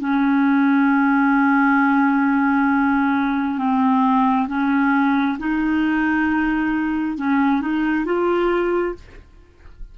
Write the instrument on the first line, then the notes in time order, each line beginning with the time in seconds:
clarinet
0.00 C#4
3.58 C4
4.48 C#4
5.39 D#4
7.17 C#4
7.61 D#4
8.05 F4